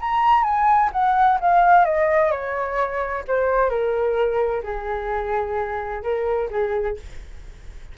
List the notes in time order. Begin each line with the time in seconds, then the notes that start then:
0.00 A#5
0.43 G#5
0.92 F#5
1.40 F5
1.85 D#5
2.31 C#5
3.28 C5
3.70 A#4
4.63 G#4
6.03 A#4
6.50 G#4